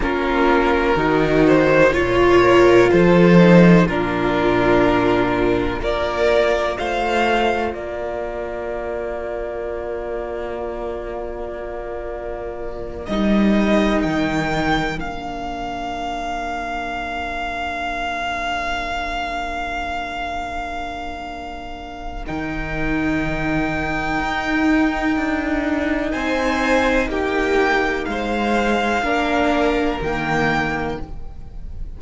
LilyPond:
<<
  \new Staff \with { instrumentName = "violin" } { \time 4/4 \tempo 4 = 62 ais'4. c''8 cis''4 c''4 | ais'2 d''4 f''4 | d''1~ | d''4. dis''4 g''4 f''8~ |
f''1~ | f''2. g''4~ | g''2. gis''4 | g''4 f''2 g''4 | }
  \new Staff \with { instrumentName = "violin" } { \time 4/4 f'4 fis'4 f'8 ais'8 a'4 | f'2 ais'4 c''4 | ais'1~ | ais'1~ |
ais'1~ | ais'1~ | ais'2. c''4 | g'4 c''4 ais'2 | }
  \new Staff \with { instrumentName = "viola" } { \time 4/4 cis'4 dis'4 f'4. dis'8 | d'2 f'2~ | f'1~ | f'4. dis'2 d'8~ |
d'1~ | d'2. dis'4~ | dis'1~ | dis'2 d'4 ais4 | }
  \new Staff \with { instrumentName = "cello" } { \time 4/4 ais4 dis4 ais,4 f4 | ais,2 ais4 a4 | ais1~ | ais4. g4 dis4 ais8~ |
ais1~ | ais2. dis4~ | dis4 dis'4 d'4 c'4 | ais4 gis4 ais4 dis4 | }
>>